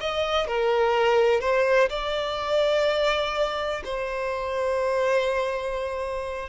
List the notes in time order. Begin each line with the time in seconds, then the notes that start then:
0.00 D#5
0.47 A#4
1.40 C5
1.89 D5
3.84 C5